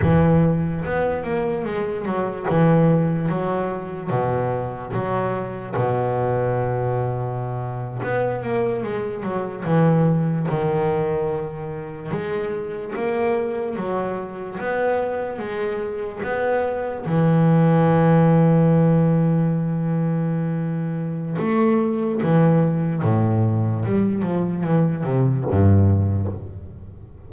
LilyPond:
\new Staff \with { instrumentName = "double bass" } { \time 4/4 \tempo 4 = 73 e4 b8 ais8 gis8 fis8 e4 | fis4 b,4 fis4 b,4~ | b,4.~ b,16 b8 ais8 gis8 fis8 e16~ | e8. dis2 gis4 ais16~ |
ais8. fis4 b4 gis4 b16~ | b8. e2.~ e16~ | e2 a4 e4 | a,4 g8 f8 e8 c8 g,4 | }